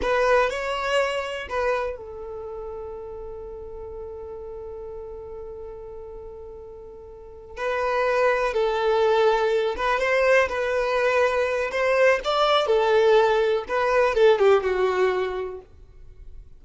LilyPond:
\new Staff \with { instrumentName = "violin" } { \time 4/4 \tempo 4 = 123 b'4 cis''2 b'4 | a'1~ | a'1~ | a'2.~ a'8 b'8~ |
b'4. a'2~ a'8 | b'8 c''4 b'2~ b'8 | c''4 d''4 a'2 | b'4 a'8 g'8 fis'2 | }